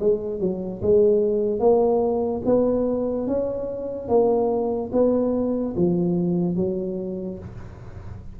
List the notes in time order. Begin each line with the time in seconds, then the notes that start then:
0.00 G#3
0.40 F#3
0.82 G#3
1.59 A#3
2.45 B3
3.27 C#4
4.08 A#3
4.92 B3
5.76 F3
6.56 F#3